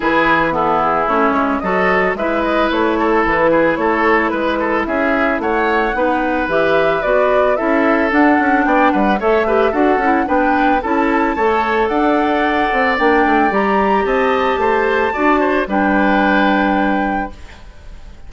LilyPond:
<<
  \new Staff \with { instrumentName = "flute" } { \time 4/4 \tempo 4 = 111 b'4 a'8 gis'8 cis''4 dis''4 | e''8 dis''8 cis''4 b'4 cis''4 | b'4 e''4 fis''2 | e''4 d''4 e''4 fis''4 |
g''8 fis''8 e''4 fis''4 g''4 | a''2 fis''2 | g''4 ais''4 a''2~ | a''4 g''2. | }
  \new Staff \with { instrumentName = "oboe" } { \time 4/4 gis'4 e'2 a'4 | b'4. a'4 gis'8 a'4 | b'8 a'8 gis'4 cis''4 b'4~ | b'2 a'2 |
d''8 b'8 cis''8 b'8 a'4 b'4 | a'4 cis''4 d''2~ | d''2 dis''4 c''4 | d''8 c''8 b'2. | }
  \new Staff \with { instrumentName = "clarinet" } { \time 4/4 e'4 b4 cis'4 fis'4 | e'1~ | e'2. dis'4 | g'4 fis'4 e'4 d'4~ |
d'4 a'8 g'8 fis'8 e'8 d'4 | e'4 a'2. | d'4 g'2. | fis'4 d'2. | }
  \new Staff \with { instrumentName = "bassoon" } { \time 4/4 e2 a8 gis8 fis4 | gis4 a4 e4 a4 | gis4 cis'4 a4 b4 | e4 b4 cis'4 d'8 cis'8 |
b8 g8 a4 d'8 cis'8 b4 | cis'4 a4 d'4. c'8 | ais8 a8 g4 c'4 a4 | d'4 g2. | }
>>